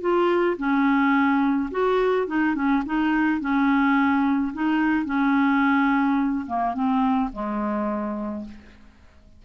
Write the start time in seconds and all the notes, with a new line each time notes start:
0.00 F4
0.57 C#4
1.71 F#4
2.27 D#4
2.55 C#4
2.85 D#4
3.40 C#4
4.53 D#4
5.05 C#4
6.46 A#3
6.74 C4
7.32 G#3